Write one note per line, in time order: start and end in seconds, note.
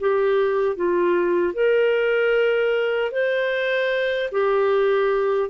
0.00 0.76 G4
0.76 1.54 F4
1.54 3.11 A#4
3.11 4.30 C5
4.31 5.49 G4